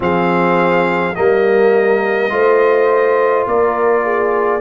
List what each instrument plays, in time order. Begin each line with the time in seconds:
0.00 tuba F3, trombone C4, horn G#4, trumpet F5
1.14 tuba G3, trombone A#3, horn A#4, trumpet D#5
2.29 tuba A3, trombone F4, horn C5
3.46 tuba A#3, horn A#4, trumpet D5
4.04 horn G#4